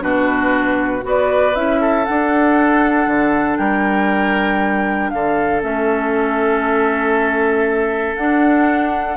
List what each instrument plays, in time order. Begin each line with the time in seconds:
0.00 bassoon B2, clarinet D4, oboe F#4, flute B4
1.02 bassoon B3, clarinet F#4, oboe B4
1.08 flute D5
1.55 bassoon C#4, clarinet E4, flute E5
1.81 oboe A4
2.05 clarinet D4, bassoon D4, flute F#5
3.06 bassoon D3
3.57 bassoon G3, oboe A#4, flute G5
5.10 bassoon D3, oboe A4, flute F5
5.61 bassoon A3, clarinet C#4, flute E5
8.16 bassoon D4, clarinet D4, flute F#5